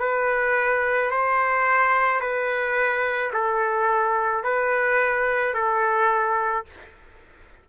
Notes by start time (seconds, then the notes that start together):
0.00 B4
1.11 C5
2.21 B4
3.33 A4
4.44 B4
5.55 A4